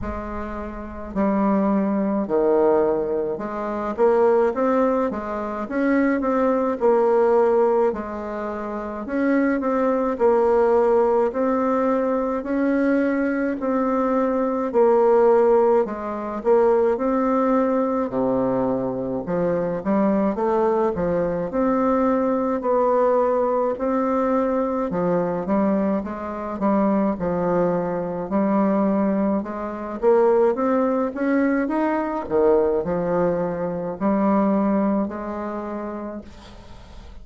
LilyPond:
\new Staff \with { instrumentName = "bassoon" } { \time 4/4 \tempo 4 = 53 gis4 g4 dis4 gis8 ais8 | c'8 gis8 cis'8 c'8 ais4 gis4 | cis'8 c'8 ais4 c'4 cis'4 | c'4 ais4 gis8 ais8 c'4 |
c4 f8 g8 a8 f8 c'4 | b4 c'4 f8 g8 gis8 g8 | f4 g4 gis8 ais8 c'8 cis'8 | dis'8 dis8 f4 g4 gis4 | }